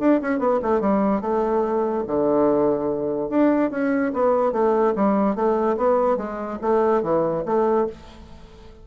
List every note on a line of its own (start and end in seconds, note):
0.00 0.21 D4
0.22 0.40 C#4
0.40 0.60 B3
0.63 0.81 A3
0.81 1.22 G3
1.22 2.04 A3
2.07 3.30 D3
3.30 3.71 D4
3.71 4.13 C#4
4.14 4.53 B3
4.53 4.94 A3
4.96 5.36 G3
5.36 5.77 A3
5.78 6.17 B3
6.17 6.59 G#3
6.62 7.03 A3
7.03 7.44 E3
7.46 7.87 A3